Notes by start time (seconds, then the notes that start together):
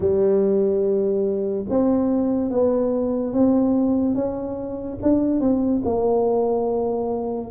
0.00 G3
1.69 C4
2.50 B3
3.33 C4
4.14 C#4
5.02 D4
5.40 C4
5.84 A#3